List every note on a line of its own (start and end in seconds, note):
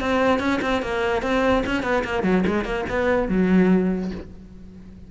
0.00 0.39 C4
0.39 0.60 C#4
0.62 0.82 C4
0.82 1.22 A#3
1.22 1.63 C4
1.66 1.83 C#4
1.83 2.03 B3
2.04 2.23 A#3
2.23 2.43 F#3
2.46 2.64 G#3
2.64 2.85 A#3
2.89 3.29 B3
3.29 4.11 F#3